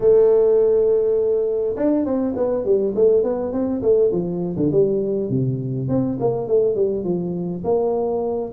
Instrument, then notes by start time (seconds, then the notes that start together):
tuba
0.00 A3
1.76 D4
2.05 C4
2.36 B3
2.64 G3
2.95 A3
3.23 B3
3.52 C4
3.82 A3
4.11 F3
4.56 D3
4.71 G3
5.29 C3
5.88 C4
6.20 A#3
6.47 A3
6.75 G3
7.03 F3
7.64 A#3